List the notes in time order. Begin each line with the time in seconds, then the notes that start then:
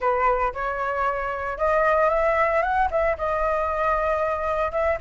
0.00 B4
0.53 C#5
1.57 D#5
2.09 E5
2.62 F#5
2.90 E5
3.17 D#5
4.71 E5